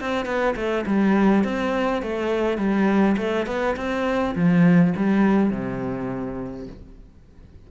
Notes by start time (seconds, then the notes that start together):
0.00 C4
0.26 B3
0.56 A3
0.86 G3
1.44 C4
2.02 A3
2.58 G3
3.17 A3
3.46 B3
3.76 C4
4.35 F3
4.96 G3
5.50 C3